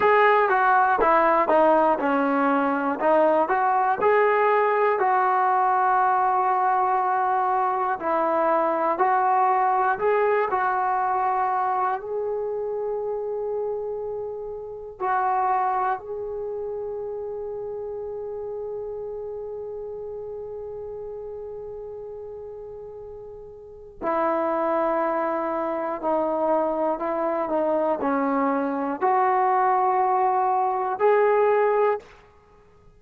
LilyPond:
\new Staff \with { instrumentName = "trombone" } { \time 4/4 \tempo 4 = 60 gis'8 fis'8 e'8 dis'8 cis'4 dis'8 fis'8 | gis'4 fis'2. | e'4 fis'4 gis'8 fis'4. | gis'2. fis'4 |
gis'1~ | gis'1 | e'2 dis'4 e'8 dis'8 | cis'4 fis'2 gis'4 | }